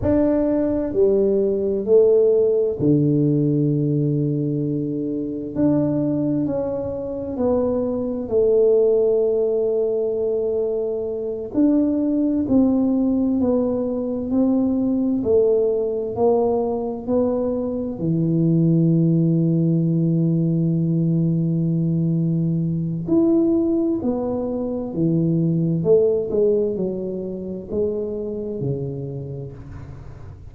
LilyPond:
\new Staff \with { instrumentName = "tuba" } { \time 4/4 \tempo 4 = 65 d'4 g4 a4 d4~ | d2 d'4 cis'4 | b4 a2.~ | a8 d'4 c'4 b4 c'8~ |
c'8 a4 ais4 b4 e8~ | e1~ | e4 e'4 b4 e4 | a8 gis8 fis4 gis4 cis4 | }